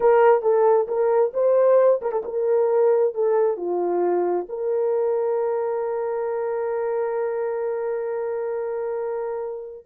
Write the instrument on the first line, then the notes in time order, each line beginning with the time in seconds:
horn
0.00 A#4
0.42 A4
0.87 A#4
1.33 C5
2.01 A#4
2.12 A4
2.24 A#4
3.14 A4
3.56 F4
4.48 A#4